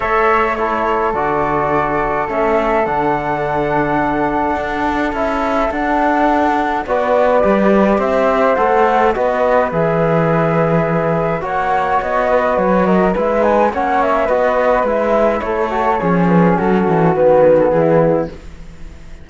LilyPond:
<<
  \new Staff \with { instrumentName = "flute" } { \time 4/4 \tempo 4 = 105 e''4 cis''4 d''2 | e''4 fis''2.~ | fis''4 e''4 fis''2 | d''2 e''4 fis''4 |
dis''4 e''2. | fis''4 dis''4 cis''8 dis''8 e''8 gis''8 | fis''8 e''8 dis''4 e''4 cis''4~ | cis''8 b'8 a'4 b'8. a'16 gis'4 | }
  \new Staff \with { instrumentName = "flute" } { \time 4/4 cis''4 a'2.~ | a'1~ | a'1 | b'2 c''2 |
b'1 | cis''4. b'4 ais'8 b'4 | cis''4 b'2 a'4 | gis'4 fis'2 e'4 | }
  \new Staff \with { instrumentName = "trombone" } { \time 4/4 a'4 e'4 fis'2 | cis'4 d'2.~ | d'4 e'4 d'2 | fis'4 g'2 a'4 |
fis'4 gis'2. | fis'2. e'8 dis'8 | cis'4 fis'4 e'4. fis'8 | cis'2 b2 | }
  \new Staff \with { instrumentName = "cello" } { \time 4/4 a2 d2 | a4 d2. | d'4 cis'4 d'2 | b4 g4 c'4 a4 |
b4 e2. | ais4 b4 fis4 gis4 | ais4 b4 gis4 a4 | f4 fis8 e8 dis4 e4 | }
>>